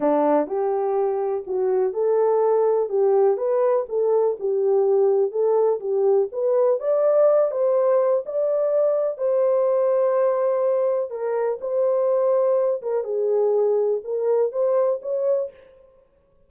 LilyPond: \new Staff \with { instrumentName = "horn" } { \time 4/4 \tempo 4 = 124 d'4 g'2 fis'4 | a'2 g'4 b'4 | a'4 g'2 a'4 | g'4 b'4 d''4. c''8~ |
c''4 d''2 c''4~ | c''2. ais'4 | c''2~ c''8 ais'8 gis'4~ | gis'4 ais'4 c''4 cis''4 | }